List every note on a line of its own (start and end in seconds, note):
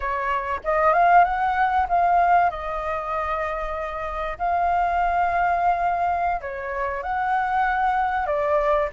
0.00 0.60 C#5
0.64 0.93 D#5
0.93 1.24 F5
1.24 1.87 F#5
1.88 2.50 F5
2.50 4.38 D#5
4.38 6.41 F5
6.41 7.03 C#5
7.03 8.26 F#5
8.26 8.89 D5